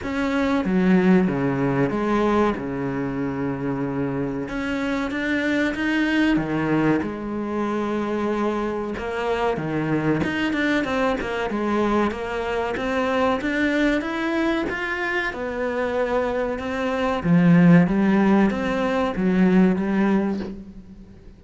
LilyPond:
\new Staff \with { instrumentName = "cello" } { \time 4/4 \tempo 4 = 94 cis'4 fis4 cis4 gis4 | cis2. cis'4 | d'4 dis'4 dis4 gis4~ | gis2 ais4 dis4 |
dis'8 d'8 c'8 ais8 gis4 ais4 | c'4 d'4 e'4 f'4 | b2 c'4 f4 | g4 c'4 fis4 g4 | }